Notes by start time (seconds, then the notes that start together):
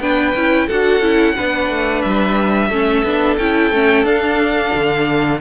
0.00 B3 D4 B4 G5
0.34 C#4 E4
0.67 D4 F#4 A4 F#5
1.00 C#4 E4
1.35 B3 D4 B4
1.70 A3
2.02 G3 E5
2.68 A3 C#4 A4
3.03 B3 D4
3.37 C#4 E4 G5
3.71 A3 C#4
4.03 D4 F5
4.74 D3